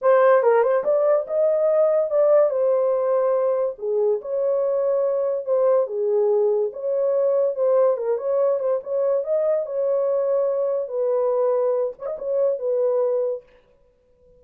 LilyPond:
\new Staff \with { instrumentName = "horn" } { \time 4/4 \tempo 4 = 143 c''4 ais'8 c''8 d''4 dis''4~ | dis''4 d''4 c''2~ | c''4 gis'4 cis''2~ | cis''4 c''4 gis'2 |
cis''2 c''4 ais'8 cis''8~ | cis''8 c''8 cis''4 dis''4 cis''4~ | cis''2 b'2~ | b'8 cis''16 dis''16 cis''4 b'2 | }